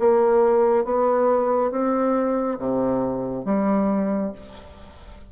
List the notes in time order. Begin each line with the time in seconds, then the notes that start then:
0.00 A#3
0.85 B3
1.72 C4
2.59 C3
3.45 G3